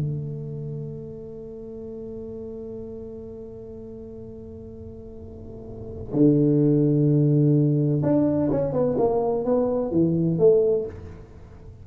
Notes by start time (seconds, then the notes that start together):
0.00 A3
6.13 D3
8.03 D4
8.51 C#4
8.73 B3
8.98 A#3
9.45 B3
9.91 E3
10.38 A3